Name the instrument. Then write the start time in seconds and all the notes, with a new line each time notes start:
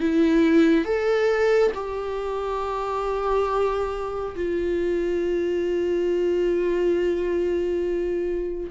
viola
0.00 E4
0.85 A4
1.74 G4
4.36 F4